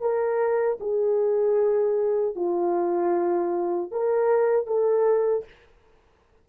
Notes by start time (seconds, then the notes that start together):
0.00 A#4
0.80 G#4
2.35 F4
3.91 A#4
4.66 A4